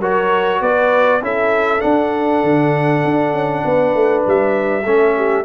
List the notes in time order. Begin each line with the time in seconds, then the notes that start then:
0.00 F#3 F#4 A#4 C#5
0.61 B3 B4 D5
1.21 C#4 E4 A4 E5
1.80 D4 F#5
2.43 D3
3.05 D4
3.33 C#4
3.65 B3 B4
3.94 A3
4.27 G3 E5
4.84 A3 C#4 A4
5.16 G4